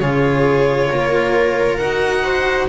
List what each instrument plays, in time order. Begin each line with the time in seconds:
0.00 double bass C#3, cello F4, viola G#4, violin C#5
0.91 double bass A#3, viola A#4
1.77 double bass D#4, cello F#4, violin F#5
2.24 viola C5